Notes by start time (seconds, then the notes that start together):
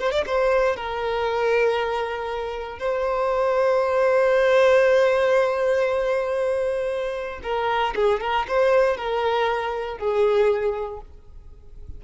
0.00 C5
0.12 D5
0.26 C5
0.76 A#4
2.79 C5
7.43 A#4
7.95 G#4
8.21 A#4
8.48 C5
8.97 A#4
9.98 G#4